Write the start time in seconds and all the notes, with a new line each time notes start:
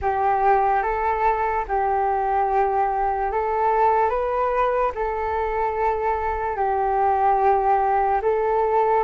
0.01 G4
0.82 A4
1.67 G4
3.31 A4
4.09 B4
4.95 A4
6.56 G4
8.22 A4